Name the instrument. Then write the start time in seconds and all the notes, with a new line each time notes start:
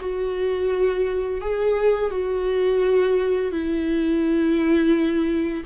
viola
0.00 F#4
1.41 G#4
2.11 F#4
3.52 E4